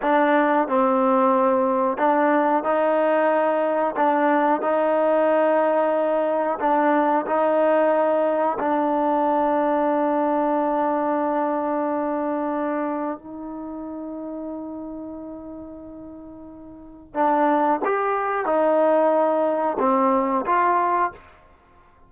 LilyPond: \new Staff \with { instrumentName = "trombone" } { \time 4/4 \tempo 4 = 91 d'4 c'2 d'4 | dis'2 d'4 dis'4~ | dis'2 d'4 dis'4~ | dis'4 d'2.~ |
d'1 | dis'1~ | dis'2 d'4 g'4 | dis'2 c'4 f'4 | }